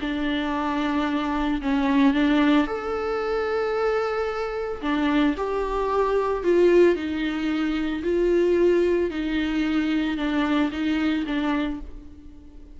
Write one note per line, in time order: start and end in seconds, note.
0.00 1.61 D4
1.61 2.13 C#4
2.13 2.66 D4
2.66 4.81 A4
4.81 5.35 D4
5.37 6.43 G4
6.43 6.95 F4
6.95 8.02 D#4
8.03 9.10 F4
9.10 10.17 D#4
10.17 10.70 D4
10.71 11.25 D#4
11.26 11.80 D4